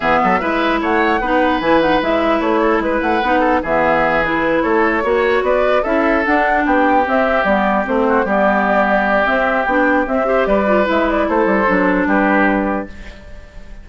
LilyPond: <<
  \new Staff \with { instrumentName = "flute" } { \time 4/4 \tempo 4 = 149 e''2 fis''2 | gis''8 fis''8 e''4 cis''4 b'8 fis''8~ | fis''4 e''4. b'4 cis''8~ | cis''4. d''4 e''4 fis''8~ |
fis''8 g''4 e''4 d''4 c''8~ | c''8 d''2~ d''8 e''4 | g''4 e''4 d''4 e''8 d''8 | c''2 b'2 | }
  \new Staff \with { instrumentName = "oboe" } { \time 4/4 gis'8 a'8 b'4 cis''4 b'4~ | b'2~ b'8 a'8 b'4~ | b'8 a'8 gis'2~ gis'8 a'8~ | a'8 cis''4 b'4 a'4.~ |
a'8 g'2.~ g'8 | fis'8 g'2.~ g'8~ | g'4. c''8 b'2 | a'2 g'2 | }
  \new Staff \with { instrumentName = "clarinet" } { \time 4/4 b4 e'2 dis'4 | e'8 dis'8 e'2. | dis'4 b4. e'4.~ | e'8 fis'2 e'4 d'8~ |
d'4. c'4 b4 c'8~ | c'8 b2~ b8 c'4 | d'4 c'8 g'4 f'8 e'4~ | e'4 d'2. | }
  \new Staff \with { instrumentName = "bassoon" } { \time 4/4 e8 fis8 gis4 a4 b4 | e4 gis4 a4 gis8 a8 | b4 e2~ e8 a8~ | a8 ais4 b4 cis'4 d'8~ |
d'8 b4 c'4 g4 a8~ | a8 g2~ g8 c'4 | b4 c'4 g4 gis4 | a8 g8 fis4 g2 | }
>>